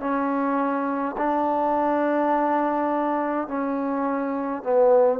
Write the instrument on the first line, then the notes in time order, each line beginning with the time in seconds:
trombone
0.00 C#4
1.17 D4
3.47 C#4
4.63 B3